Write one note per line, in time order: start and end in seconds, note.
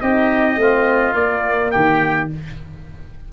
0.00 0.56 C4
0.00 0.57 D#4
0.00 0.59 G4
0.00 1.14 D#5
0.56 1.13 A3
0.56 1.14 C4
0.56 1.72 F4
1.13 1.70 A#3
1.13 2.29 A#3
1.13 1.71 D5
1.71 2.32 D#3
1.71 2.29 G4
1.71 2.28 G5